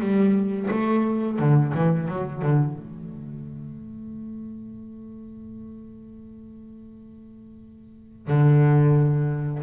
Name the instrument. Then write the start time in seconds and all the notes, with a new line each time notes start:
double bass
0.00 G3
0.71 A3
1.39 D3
1.74 E3
2.08 F#3
2.42 D3
2.76 A3
8.28 D3